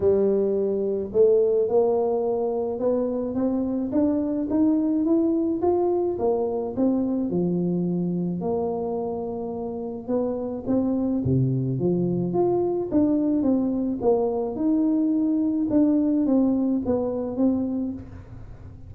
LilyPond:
\new Staff \with { instrumentName = "tuba" } { \time 4/4 \tempo 4 = 107 g2 a4 ais4~ | ais4 b4 c'4 d'4 | dis'4 e'4 f'4 ais4 | c'4 f2 ais4~ |
ais2 b4 c'4 | c4 f4 f'4 d'4 | c'4 ais4 dis'2 | d'4 c'4 b4 c'4 | }